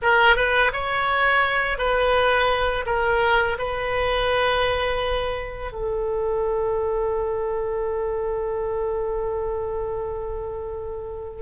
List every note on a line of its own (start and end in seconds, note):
0.02 0.35 A#4
0.35 0.71 B4
0.72 1.78 C#5
1.78 2.85 B4
2.86 3.57 A#4
3.58 5.71 B4
5.71 11.42 A4